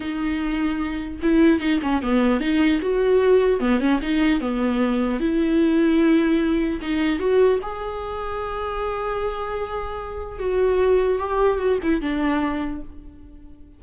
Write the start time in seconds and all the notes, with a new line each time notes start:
0.00 D#4
1.22 E4
1.60 D#4
1.82 C#4
2.02 B3
2.40 D#4
2.81 F#4
3.60 B3
3.80 C#4
4.01 D#4
4.40 B3
5.19 E4
6.81 D#4
7.19 F#4
7.62 G#4
10.39 F#4
11.19 G4
11.59 F#4
11.83 E4
12.01 D4